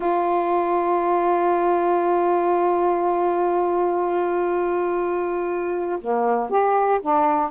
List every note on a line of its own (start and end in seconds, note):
0.00 5.99 F4
6.00 6.50 A#3
6.50 7.00 G4
7.01 7.50 D4